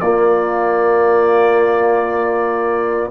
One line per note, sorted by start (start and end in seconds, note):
0.00 3.11 A#3
0.00 3.11 F4
0.00 3.10 D5